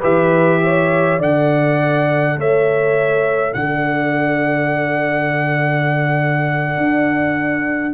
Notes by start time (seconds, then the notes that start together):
0.00 E3 G4 B4 E5
0.64 C#5
1.19 D3 A4 D5 F#5
2.37 A3 C#5 E5
3.54 D3 D5 F#5
6.77 D4